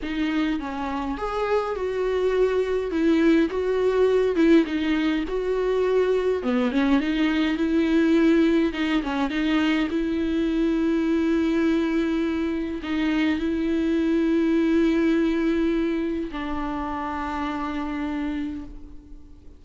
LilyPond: \new Staff \with { instrumentName = "viola" } { \time 4/4 \tempo 4 = 103 dis'4 cis'4 gis'4 fis'4~ | fis'4 e'4 fis'4. e'8 | dis'4 fis'2 b8 cis'8 | dis'4 e'2 dis'8 cis'8 |
dis'4 e'2.~ | e'2 dis'4 e'4~ | e'1 | d'1 | }